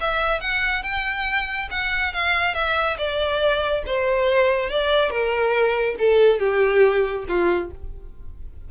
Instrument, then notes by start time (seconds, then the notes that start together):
violin
0.00 E5
0.40 F#5
0.83 G5
1.70 F#5
2.13 F5
2.54 E5
2.97 D5
3.86 C5
4.70 D5
5.10 A#4
5.98 A4
6.39 G4
7.27 F4